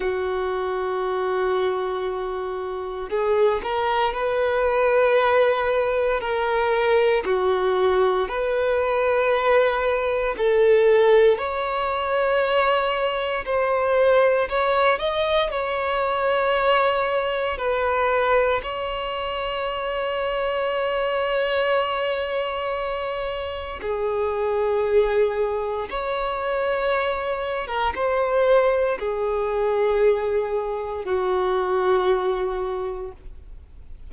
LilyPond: \new Staff \with { instrumentName = "violin" } { \time 4/4 \tempo 4 = 58 fis'2. gis'8 ais'8 | b'2 ais'4 fis'4 | b'2 a'4 cis''4~ | cis''4 c''4 cis''8 dis''8 cis''4~ |
cis''4 b'4 cis''2~ | cis''2. gis'4~ | gis'4 cis''4.~ cis''16 ais'16 c''4 | gis'2 fis'2 | }